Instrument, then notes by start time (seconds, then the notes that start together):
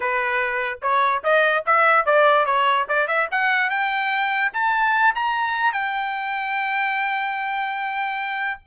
trumpet
0.00 B4
0.82 C#5
1.23 D#5
1.66 E5
2.05 D5
2.45 C#5
2.88 D5
3.07 E5
3.31 F#5
3.69 G5
4.53 A5
5.15 A#5
5.72 G5